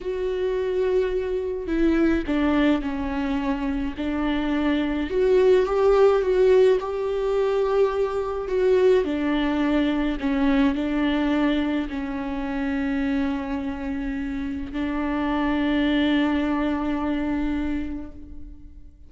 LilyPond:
\new Staff \with { instrumentName = "viola" } { \time 4/4 \tempo 4 = 106 fis'2. e'4 | d'4 cis'2 d'4~ | d'4 fis'4 g'4 fis'4 | g'2. fis'4 |
d'2 cis'4 d'4~ | d'4 cis'2.~ | cis'2 d'2~ | d'1 | }